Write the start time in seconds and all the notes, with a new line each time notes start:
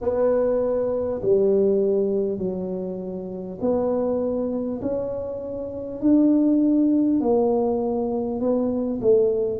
0.01 B3
1.22 G3
2.37 F#3
3.60 B3
4.81 C#4
6.00 D4
7.20 A#3
8.39 B3
9.01 A3